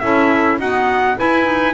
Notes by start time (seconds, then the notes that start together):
0.00 C#4 E4 A4 E5
0.58 B3 D#4 F#4 F#5
1.16 E4 B4 G#5
1.44 D#4